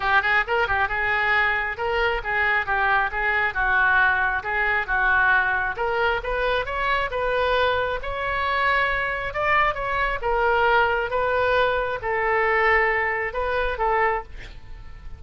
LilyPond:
\new Staff \with { instrumentName = "oboe" } { \time 4/4 \tempo 4 = 135 g'8 gis'8 ais'8 g'8 gis'2 | ais'4 gis'4 g'4 gis'4 | fis'2 gis'4 fis'4~ | fis'4 ais'4 b'4 cis''4 |
b'2 cis''2~ | cis''4 d''4 cis''4 ais'4~ | ais'4 b'2 a'4~ | a'2 b'4 a'4 | }